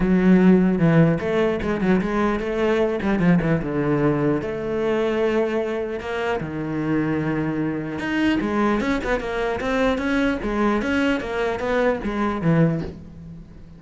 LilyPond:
\new Staff \with { instrumentName = "cello" } { \time 4/4 \tempo 4 = 150 fis2 e4 a4 | gis8 fis8 gis4 a4. g8 | f8 e8 d2 a4~ | a2. ais4 |
dis1 | dis'4 gis4 cis'8 b8 ais4 | c'4 cis'4 gis4 cis'4 | ais4 b4 gis4 e4 | }